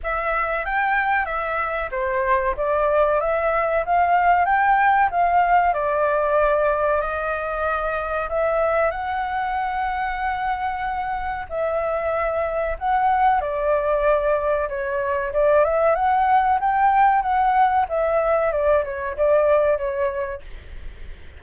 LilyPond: \new Staff \with { instrumentName = "flute" } { \time 4/4 \tempo 4 = 94 e''4 g''4 e''4 c''4 | d''4 e''4 f''4 g''4 | f''4 d''2 dis''4~ | dis''4 e''4 fis''2~ |
fis''2 e''2 | fis''4 d''2 cis''4 | d''8 e''8 fis''4 g''4 fis''4 | e''4 d''8 cis''8 d''4 cis''4 | }